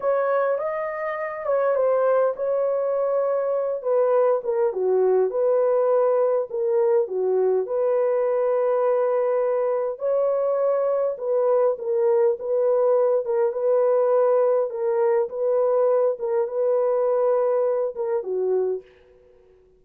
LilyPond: \new Staff \with { instrumentName = "horn" } { \time 4/4 \tempo 4 = 102 cis''4 dis''4. cis''8 c''4 | cis''2~ cis''8 b'4 ais'8 | fis'4 b'2 ais'4 | fis'4 b'2.~ |
b'4 cis''2 b'4 | ais'4 b'4. ais'8 b'4~ | b'4 ais'4 b'4. ais'8 | b'2~ b'8 ais'8 fis'4 | }